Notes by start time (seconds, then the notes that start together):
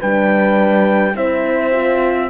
0.00 G3 D4 B4 G5
1.14 C4 E4 C5 E5
1.72 F4